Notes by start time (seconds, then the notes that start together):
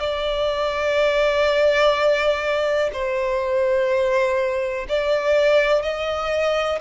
0.00 D5
2.93 C5
4.89 D5
5.83 D#5